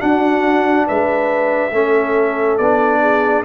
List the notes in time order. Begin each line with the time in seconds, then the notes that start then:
0.00 D4 F#4 F#5
0.87 G#3 B4 E5
1.72 A3 C#4 A4
2.58 B3 D4 D5
3.01 G#4